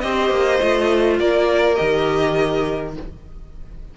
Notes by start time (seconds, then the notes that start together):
0.00 C4 G4 C5 D#5
0.30 A#3
0.61 A3 F4
1.19 A#3 A#4 D5
1.75 D#3 G4 D#5